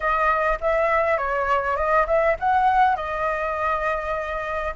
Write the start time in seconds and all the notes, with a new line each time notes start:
0.00 D#5
0.60 E5
1.17 C#5
1.76 D#5
2.06 E5
2.39 F#5
2.96 D#5